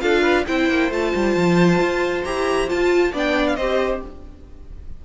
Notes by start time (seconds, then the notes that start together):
0.00 D4 F4 A4 F5
0.22 B4
0.47 C4 E4 C5 G5
0.69 A#3
0.91 A3 F4 A5
1.15 G3
1.36 F3
1.80 F4
2.24 E4 G4 A#5
2.69 F4 A5
3.12 B3 D4 D5 G5
3.47 F5
3.56 C4 G4 C5 D#5